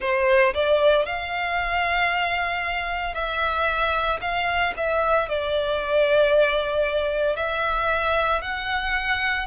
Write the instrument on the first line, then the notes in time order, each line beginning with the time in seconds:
violin
0.00 C5
0.54 D5
1.05 F5
3.14 E5
4.21 F5
4.76 E5
5.29 D5
7.36 E5
8.41 F#5